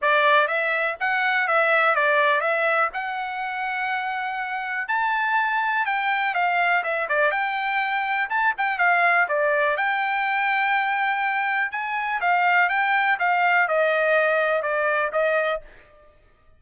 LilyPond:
\new Staff \with { instrumentName = "trumpet" } { \time 4/4 \tempo 4 = 123 d''4 e''4 fis''4 e''4 | d''4 e''4 fis''2~ | fis''2 a''2 | g''4 f''4 e''8 d''8 g''4~ |
g''4 a''8 g''8 f''4 d''4 | g''1 | gis''4 f''4 g''4 f''4 | dis''2 d''4 dis''4 | }